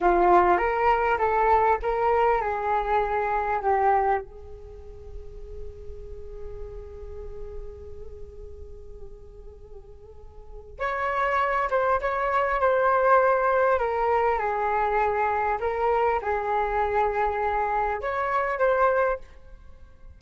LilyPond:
\new Staff \with { instrumentName = "flute" } { \time 4/4 \tempo 4 = 100 f'4 ais'4 a'4 ais'4 | gis'2 g'4 gis'4~ | gis'1~ | gis'1~ |
gis'2 cis''4. c''8 | cis''4 c''2 ais'4 | gis'2 ais'4 gis'4~ | gis'2 cis''4 c''4 | }